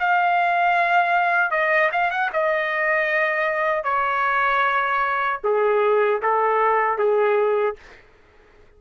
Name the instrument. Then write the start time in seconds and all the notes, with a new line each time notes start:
trumpet
0.00 F5
1.52 D#5
1.93 F5
2.11 F#5
2.33 D#5
3.84 C#5
5.44 G#4
6.23 A4
6.98 G#4